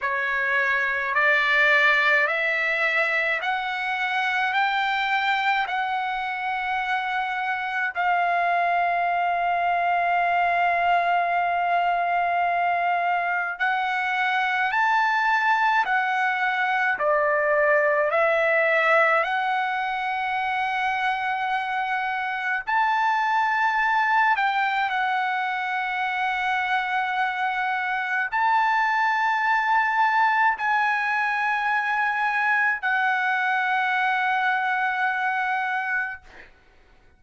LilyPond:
\new Staff \with { instrumentName = "trumpet" } { \time 4/4 \tempo 4 = 53 cis''4 d''4 e''4 fis''4 | g''4 fis''2 f''4~ | f''1 | fis''4 a''4 fis''4 d''4 |
e''4 fis''2. | a''4. g''8 fis''2~ | fis''4 a''2 gis''4~ | gis''4 fis''2. | }